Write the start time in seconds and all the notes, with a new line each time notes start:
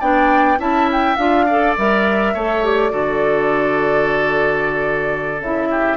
0.00 B3 D4 D5 G5
0.58 C#4 E4 E5 A5
0.92 G5
1.16 D4 F4 F5
1.46 A4 D5
1.77 G3 A#4 E5
2.33 A3 A4 C#5
2.63 G4 D5
2.90 D3 F#4 A4
5.39 C#3 E4 E5
5.70 G4